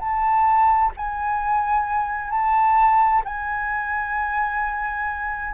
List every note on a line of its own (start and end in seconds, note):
0.00 0.92 A5
0.97 2.30 G#5
2.30 3.23 A5
3.25 5.55 G#5